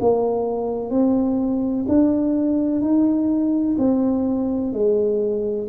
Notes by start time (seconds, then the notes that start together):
0.00 A#3
0.90 C4
1.88 D4
2.81 D#4
3.78 C4
4.73 G#3